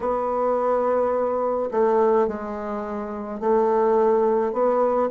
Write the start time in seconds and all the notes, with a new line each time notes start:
0.00 B3
1.71 A3
2.27 G#3
3.40 A3
4.52 B3